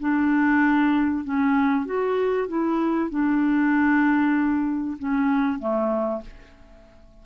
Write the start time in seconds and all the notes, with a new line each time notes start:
0.00 D4
1.24 C#4
1.86 F#4
2.48 E4
3.10 D4
4.99 C#4
5.59 A3